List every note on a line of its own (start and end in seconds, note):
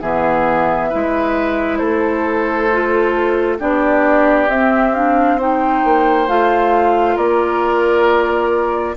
0.00 0.92 E3
0.00 0.92 B3
0.00 0.90 G#4
0.00 1.78 E5
0.90 1.81 G#3
0.90 2.71 E4
0.90 1.79 B4
1.78 3.60 A3
1.78 3.58 A4
1.78 3.57 C5
2.73 3.59 F4
3.59 4.49 B3
3.59 4.49 D4
3.59 5.38 G4
3.59 4.50 D5
4.49 5.83 C4
4.49 4.95 C4
4.49 4.95 E5
4.95 5.39 D4
4.95 5.39 F5
5.38 6.28 D#4
5.38 7.16 C5
5.38 6.29 G5
5.85 6.29 A#3
6.28 7.18 A3
6.28 8.96 F4
6.28 7.17 F5
7.16 8.97 A#3
7.16 8.95 A#4
7.16 8.96 D5